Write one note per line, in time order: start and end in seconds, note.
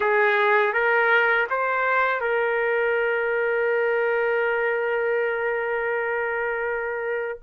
0.00 0.73 G#4
0.73 1.47 A#4
1.50 2.20 C5
2.20 7.39 A#4